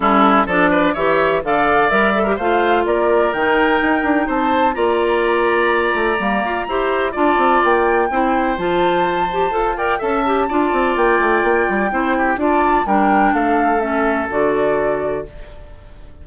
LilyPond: <<
  \new Staff \with { instrumentName = "flute" } { \time 4/4 \tempo 4 = 126 a'4 d''4 e''4 f''4 | e''4 f''4 d''4 g''4~ | g''4 a''4 ais''2~ | ais''2. a''4 |
g''2 a''2~ | a''8 g''8 a''2 g''4~ | g''2 a''4 g''4 | f''4 e''4 d''2 | }
  \new Staff \with { instrumentName = "oboe" } { \time 4/4 e'4 a'8 b'8 cis''4 d''4~ | d''8. ais'16 c''4 ais'2~ | ais'4 c''4 d''2~ | d''2 c''4 d''4~ |
d''4 c''2.~ | c''8 d''8 e''4 d''2~ | d''4 c''8 g'8 d''4 ais'4 | a'1 | }
  \new Staff \with { instrumentName = "clarinet" } { \time 4/4 cis'4 d'4 g'4 a'4 | ais'8 a'16 g'16 f'2 dis'4~ | dis'2 f'2~ | f'4 ais4 g'4 f'4~ |
f'4 e'4 f'4. g'8 | a'8 ais'8 a'8 g'8 f'2~ | f'4 e'4 f'4 d'4~ | d'4 cis'4 fis'2 | }
  \new Staff \with { instrumentName = "bassoon" } { \time 4/4 g4 f4 e4 d4 | g4 a4 ais4 dis4 | dis'8 d'8 c'4 ais2~ | ais8 a8 g8 f'8 e'4 d'8 c'8 |
ais4 c'4 f2 | f'4 cis'4 d'8 c'8 ais8 a8 | ais8 g8 c'4 d'4 g4 | a2 d2 | }
>>